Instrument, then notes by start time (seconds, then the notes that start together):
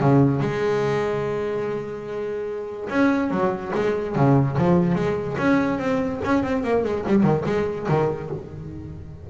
double bass
0.00 C#3
0.40 G#3
2.89 C#4
3.31 F#3
3.75 G#3
4.15 C#3
4.57 F3
4.95 G#3
5.38 C#4
5.79 C4
6.24 C#4
6.43 C4
6.64 A#3
6.84 G#3
7.07 G3
7.23 D#3
7.46 G#3
7.88 D#3